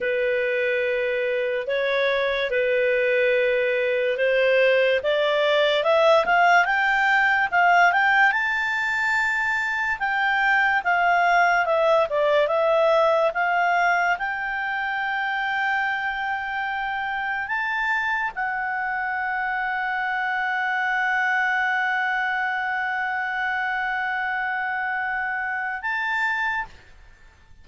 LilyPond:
\new Staff \with { instrumentName = "clarinet" } { \time 4/4 \tempo 4 = 72 b'2 cis''4 b'4~ | b'4 c''4 d''4 e''8 f''8 | g''4 f''8 g''8 a''2 | g''4 f''4 e''8 d''8 e''4 |
f''4 g''2.~ | g''4 a''4 fis''2~ | fis''1~ | fis''2. a''4 | }